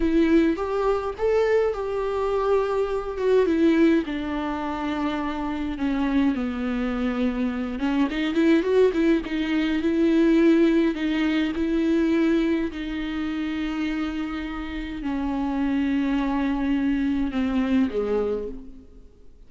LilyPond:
\new Staff \with { instrumentName = "viola" } { \time 4/4 \tempo 4 = 104 e'4 g'4 a'4 g'4~ | g'4. fis'8 e'4 d'4~ | d'2 cis'4 b4~ | b4. cis'8 dis'8 e'8 fis'8 e'8 |
dis'4 e'2 dis'4 | e'2 dis'2~ | dis'2 cis'2~ | cis'2 c'4 gis4 | }